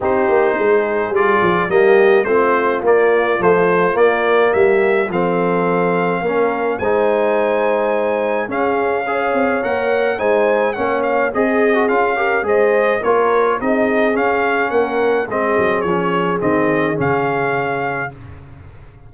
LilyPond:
<<
  \new Staff \with { instrumentName = "trumpet" } { \time 4/4 \tempo 4 = 106 c''2 d''4 dis''4 | c''4 d''4 c''4 d''4 | e''4 f''2. | gis''2. f''4~ |
f''4 fis''4 gis''4 fis''8 f''8 | dis''4 f''4 dis''4 cis''4 | dis''4 f''4 fis''4 dis''4 | cis''4 dis''4 f''2 | }
  \new Staff \with { instrumentName = "horn" } { \time 4/4 g'4 gis'2 g'4 | f'1 | g'4 a'2 ais'4 | c''2. gis'4 |
cis''2 c''4 cis''4 | gis'4. ais'8 c''4 ais'4 | gis'2 ais'4 gis'4~ | gis'1 | }
  \new Staff \with { instrumentName = "trombone" } { \time 4/4 dis'2 f'4 ais4 | c'4 ais4 f4 ais4~ | ais4 c'2 cis'4 | dis'2. cis'4 |
gis'4 ais'4 dis'4 cis'4 | gis'8. fis'16 f'8 g'8 gis'4 f'4 | dis'4 cis'2 c'4 | cis'4 c'4 cis'2 | }
  \new Staff \with { instrumentName = "tuba" } { \time 4/4 c'8 ais8 gis4 g8 f8 g4 | a4 ais4 a4 ais4 | g4 f2 ais4 | gis2. cis'4~ |
cis'8 c'8 ais4 gis4 ais4 | c'4 cis'4 gis4 ais4 | c'4 cis'4 ais4 gis8 fis8 | f4 dis4 cis2 | }
>>